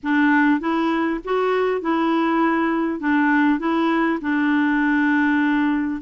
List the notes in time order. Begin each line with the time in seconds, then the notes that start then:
0.03 D4
0.60 E4
1.24 F#4
1.81 E4
3.00 D4
3.59 E4
4.21 D4